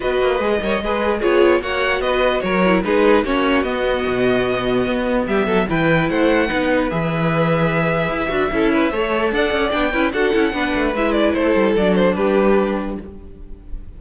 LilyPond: <<
  \new Staff \with { instrumentName = "violin" } { \time 4/4 \tempo 4 = 148 dis''2. cis''4 | fis''4 dis''4 cis''4 b'4 | cis''4 dis''2.~ | dis''4 e''4 g''4 fis''4~ |
fis''4 e''2.~ | e''2. fis''4 | g''4 fis''2 e''8 d''8 | c''4 d''8 c''8 b'2 | }
  \new Staff \with { instrumentName = "violin" } { \time 4/4 b'4. cis''8 b'4 gis'4 | cis''4 b'4 ais'4 gis'4 | fis'1~ | fis'4 g'8 a'8 b'4 c''4 |
b'1~ | b'4 a'8 b'8 cis''4 d''4~ | d''8 b'8 a'4 b'2 | a'2 g'2 | }
  \new Staff \with { instrumentName = "viola" } { \time 4/4 fis'4 gis'8 ais'8 gis'4 f'4 | fis'2~ fis'8 e'8 dis'4 | cis'4 b2.~ | b2 e'2 |
dis'4 gis'2.~ | gis'8 fis'8 e'4 a'2 | d'8 e'8 fis'8 e'8 d'4 e'4~ | e'4 d'2. | }
  \new Staff \with { instrumentName = "cello" } { \time 4/4 b8 ais8 gis8 g8 gis4 b4 | ais4 b4 fis4 gis4 | ais4 b4 b,2 | b4 g8 fis8 e4 a4 |
b4 e2. | e'8 d'8 cis'4 a4 d'8 cis'8 | b8 cis'8 d'8 cis'8 b8 a8 gis4 | a8 g8 fis4 g2 | }
>>